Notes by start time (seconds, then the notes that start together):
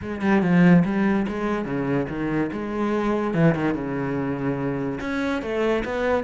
0.02 G#3
0.21 G3
0.41 F3
0.84 G3
1.28 G#3
1.65 C#3
2.09 D#3
2.52 G#3
3.34 E3
3.54 D#3
3.74 C#3
5.00 C#4
5.41 A3
5.84 B3